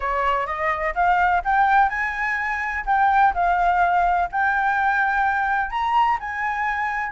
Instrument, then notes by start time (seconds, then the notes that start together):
flute
0.00 C#5
0.46 D#5
0.95 F5
1.44 G5
1.89 G#5
2.86 G5
3.34 F5
4.31 G5
5.70 A#5
6.19 G#5